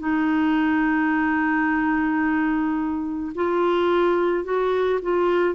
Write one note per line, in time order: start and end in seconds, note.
0.00 3.33 D#4
3.35 4.44 F4
4.44 5.00 F#4
5.03 5.55 F4